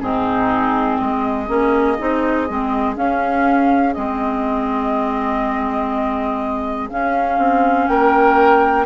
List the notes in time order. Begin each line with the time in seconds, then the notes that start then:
0.00 G#2 C4 D#4 G#4
0.98 G#3 G#4 D#5
1.47 A#3 C#4
1.99 C4 D#4
2.49 G#3 C4
2.95 C#4 F5
3.94 G#3 C4 D#5
6.90 C#4 F5
7.38 C4
7.88 A#3 A#4 G5